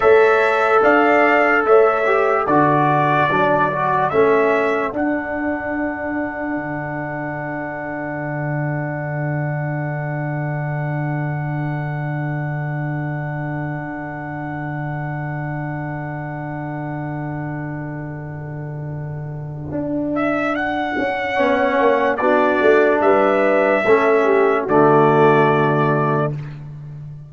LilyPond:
<<
  \new Staff \with { instrumentName = "trumpet" } { \time 4/4 \tempo 4 = 73 e''4 f''4 e''4 d''4~ | d''4 e''4 fis''2~ | fis''1~ | fis''1~ |
fis''1~ | fis''1~ | fis''8 e''8 fis''2 d''4 | e''2 d''2 | }
  \new Staff \with { instrumentName = "horn" } { \time 4/4 cis''4 d''4 cis''4 a'4~ | a'1~ | a'1~ | a'1~ |
a'1~ | a'1~ | a'2 cis''4 fis'4 | b'4 a'8 g'8 fis'2 | }
  \new Staff \with { instrumentName = "trombone" } { \time 4/4 a'2~ a'8 g'8 fis'4 | d'8 fis'8 cis'4 d'2~ | d'1~ | d'1~ |
d'1~ | d'1~ | d'2 cis'4 d'4~ | d'4 cis'4 a2 | }
  \new Staff \with { instrumentName = "tuba" } { \time 4/4 a4 d'4 a4 d4 | fis4 a4 d'2 | d1~ | d1~ |
d1~ | d1 | d'4. cis'8 b8 ais8 b8 a8 | g4 a4 d2 | }
>>